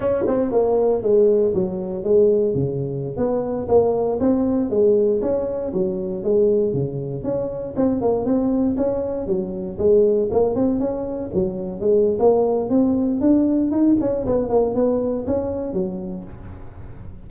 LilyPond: \new Staff \with { instrumentName = "tuba" } { \time 4/4 \tempo 4 = 118 cis'8 c'8 ais4 gis4 fis4 | gis4 cis4~ cis16 b4 ais8.~ | ais16 c'4 gis4 cis'4 fis8.~ | fis16 gis4 cis4 cis'4 c'8 ais16~ |
ais16 c'4 cis'4 fis4 gis8.~ | gis16 ais8 c'8 cis'4 fis4 gis8. | ais4 c'4 d'4 dis'8 cis'8 | b8 ais8 b4 cis'4 fis4 | }